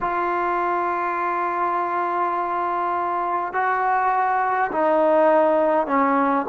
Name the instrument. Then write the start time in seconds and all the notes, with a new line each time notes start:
trombone
0.01 F4
3.53 F#4
4.71 D#4
5.86 C#4